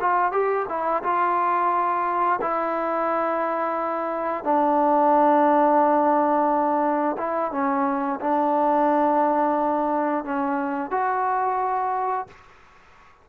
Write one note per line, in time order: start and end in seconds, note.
0.00 0.32 F4
0.32 0.66 G4
0.68 1.03 E4
1.03 2.39 F4
2.41 4.43 E4
4.43 7.16 D4
7.17 7.51 E4
7.51 8.19 C#4
8.20 10.24 D4
10.24 10.91 C#4
10.91 12.27 F#4